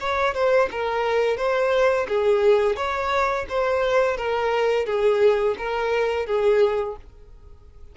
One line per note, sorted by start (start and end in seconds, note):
0.00 0.34 C#5
0.34 0.69 C5
0.71 1.37 A#4
1.37 2.06 C5
2.08 2.76 G#4
2.76 3.46 C#5
3.49 4.17 C5
4.17 4.86 A#4
4.86 5.56 G#4
5.58 6.26 A#4
6.26 6.96 G#4